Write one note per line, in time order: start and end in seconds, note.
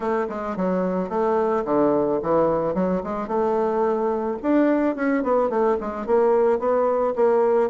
0.00 0.26 A3
0.29 0.56 G#3
0.56 1.09 F#3
1.09 1.64 A3
1.64 2.19 D3
2.22 2.74 E3
2.74 3.02 F#3
3.03 3.27 G#3
3.27 4.37 A3
4.42 4.95 D4
4.95 5.23 C#4
5.23 5.49 B3
5.49 5.77 A3
5.80 6.06 G#3
6.06 6.59 A#3
6.59 7.14 B3
7.15 7.69 A#3